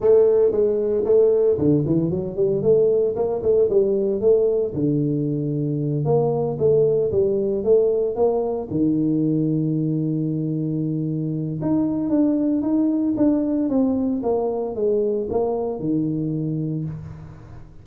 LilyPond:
\new Staff \with { instrumentName = "tuba" } { \time 4/4 \tempo 4 = 114 a4 gis4 a4 d8 e8 | fis8 g8 a4 ais8 a8 g4 | a4 d2~ d8 ais8~ | ais8 a4 g4 a4 ais8~ |
ais8 dis2.~ dis8~ | dis2 dis'4 d'4 | dis'4 d'4 c'4 ais4 | gis4 ais4 dis2 | }